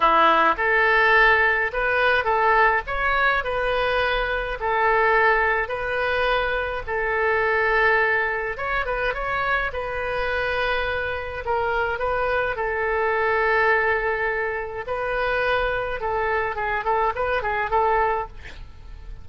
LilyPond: \new Staff \with { instrumentName = "oboe" } { \time 4/4 \tempo 4 = 105 e'4 a'2 b'4 | a'4 cis''4 b'2 | a'2 b'2 | a'2. cis''8 b'8 |
cis''4 b'2. | ais'4 b'4 a'2~ | a'2 b'2 | a'4 gis'8 a'8 b'8 gis'8 a'4 | }